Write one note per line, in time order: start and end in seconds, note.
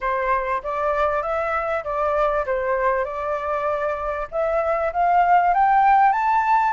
0.01 0.62 C5
0.63 1.22 D5
1.22 1.83 E5
1.83 2.45 D5
2.45 3.04 C5
3.04 4.27 D5
4.31 4.92 E5
4.93 5.54 F5
5.54 6.12 G5
6.12 6.73 A5